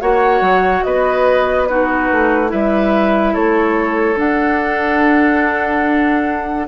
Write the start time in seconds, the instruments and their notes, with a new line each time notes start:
0.00 bassoon A#3, clarinet F#4, oboe C#5, flute F#5
0.40 bassoon F#3
0.83 bassoon B3, oboe B4, flute D#5
1.66 clarinet D#4, oboe F#4, flute B4
2.11 bassoon A3
2.47 bassoon G3, clarinet E4, oboe B4, flute E5
3.33 bassoon A3, oboe A4, flute C#5
4.15 clarinet D4, bassoon D4, flute F#5